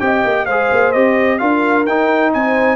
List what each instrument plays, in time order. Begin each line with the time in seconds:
0.00 tuba C4, trombone G4, horn D#5, trumpet G5
0.24 tuba A#3
0.46 tuba G#3, trombone G#4, horn C5, trumpet F5
0.72 tuba A#3
0.92 tuba C4, trombone G4, trumpet D#5
1.39 tuba D4, trombone F4, horn A#4, trumpet F5
1.86 tuba D#4, trombone D#4, trumpet G5
2.33 tuba C4, horn C5, trumpet G#5